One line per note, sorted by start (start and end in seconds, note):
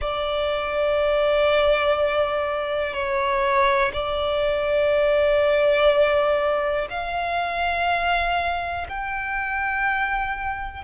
0.00 2.93 D5
2.93 3.91 C#5
3.93 6.88 D5
6.90 8.87 F5
8.88 10.84 G5